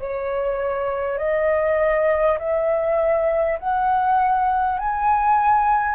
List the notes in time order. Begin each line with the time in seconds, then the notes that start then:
0.00 C#5
1.18 D#5
2.39 E5
3.59 F#5
4.79 G#5